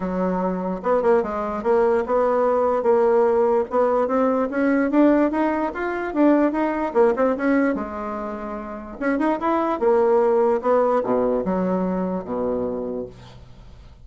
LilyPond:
\new Staff \with { instrumentName = "bassoon" } { \time 4/4 \tempo 4 = 147 fis2 b8 ais8 gis4 | ais4 b2 ais4~ | ais4 b4 c'4 cis'4 | d'4 dis'4 f'4 d'4 |
dis'4 ais8 c'8 cis'4 gis4~ | gis2 cis'8 dis'8 e'4 | ais2 b4 b,4 | fis2 b,2 | }